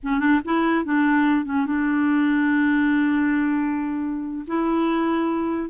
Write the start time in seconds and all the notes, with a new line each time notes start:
0.03 C#4
0.19 D4
0.44 E4
0.84 D4
1.45 C#4
1.66 D4
4.47 E4